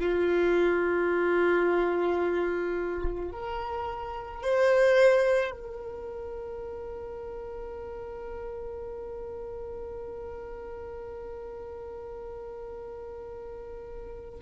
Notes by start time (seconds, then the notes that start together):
0.00 F4
3.32 A#4
4.43 C5
5.52 A#4